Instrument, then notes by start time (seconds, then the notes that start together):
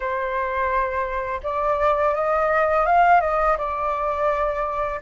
flute
0.00 C5
1.43 D5
2.14 D#5
2.85 F5
3.20 D#5
3.57 D5